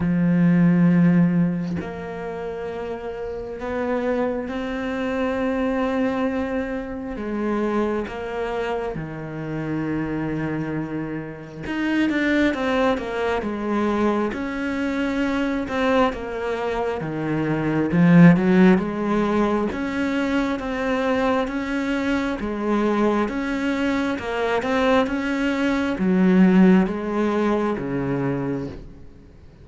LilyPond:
\new Staff \with { instrumentName = "cello" } { \time 4/4 \tempo 4 = 67 f2 ais2 | b4 c'2. | gis4 ais4 dis2~ | dis4 dis'8 d'8 c'8 ais8 gis4 |
cis'4. c'8 ais4 dis4 | f8 fis8 gis4 cis'4 c'4 | cis'4 gis4 cis'4 ais8 c'8 | cis'4 fis4 gis4 cis4 | }